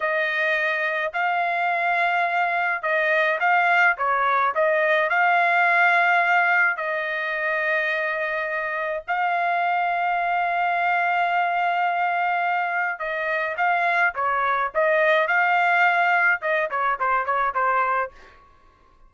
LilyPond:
\new Staff \with { instrumentName = "trumpet" } { \time 4/4 \tempo 4 = 106 dis''2 f''2~ | f''4 dis''4 f''4 cis''4 | dis''4 f''2. | dis''1 |
f''1~ | f''2. dis''4 | f''4 cis''4 dis''4 f''4~ | f''4 dis''8 cis''8 c''8 cis''8 c''4 | }